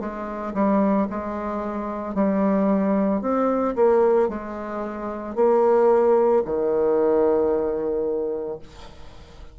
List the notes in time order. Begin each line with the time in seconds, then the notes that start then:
0.00 G#3
0.54 G3
1.10 G#3
2.15 G3
3.22 C4
3.75 A#3
4.29 G#3
5.36 A#3
6.45 D#3